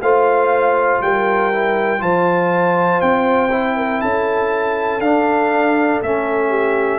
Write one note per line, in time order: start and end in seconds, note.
0.00 1.00 A3
0.00 1.53 F4
0.00 1.02 C5
0.00 1.02 F5
1.01 2.01 G3
1.01 2.02 A#4
1.01 2.02 G5
1.53 1.99 E4
1.99 3.01 F3
1.99 3.49 F4
1.99 3.77 C5
1.99 3.01 A5
3.01 4.02 C4
3.01 4.01 G5
3.51 5.01 E4
3.77 4.02 A#4
4.01 5.00 C#4
4.01 6.49 A4
4.01 5.01 A5
5.00 6.00 D4
5.00 6.04 D4
5.00 6.01 F5
6.02 6.99 A3
6.02 6.99 C#4
6.02 6.99 E5
6.49 6.99 G4